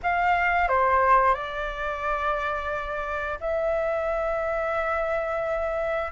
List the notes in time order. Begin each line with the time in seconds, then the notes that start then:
0.02 F5
0.68 C5
1.34 D5
3.40 E5